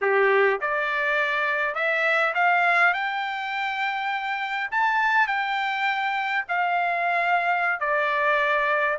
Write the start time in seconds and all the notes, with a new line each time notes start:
0.01 G4
0.60 D5
1.75 E5
2.34 F5
2.93 G5
4.71 A5
5.27 G5
6.48 F5
7.80 D5